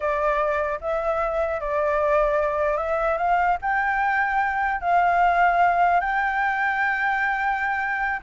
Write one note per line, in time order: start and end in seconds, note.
0.00 0.79 D5
0.81 1.60 E5
1.60 2.77 D5
2.77 3.17 E5
3.17 3.57 F5
3.61 4.80 G5
4.80 6.00 F5
6.00 8.20 G5